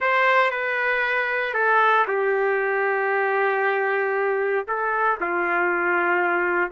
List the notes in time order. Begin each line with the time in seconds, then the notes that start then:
0.00 C5
0.50 B4
1.54 A4
2.07 G4
4.67 A4
5.20 F4